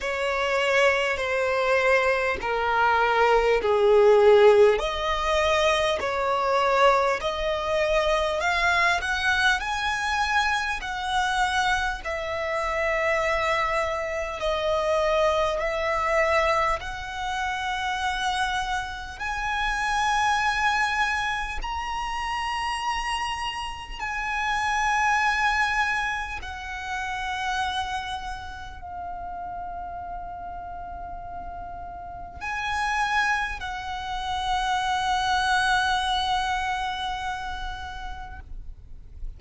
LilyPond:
\new Staff \with { instrumentName = "violin" } { \time 4/4 \tempo 4 = 50 cis''4 c''4 ais'4 gis'4 | dis''4 cis''4 dis''4 f''8 fis''8 | gis''4 fis''4 e''2 | dis''4 e''4 fis''2 |
gis''2 ais''2 | gis''2 fis''2 | f''2. gis''4 | fis''1 | }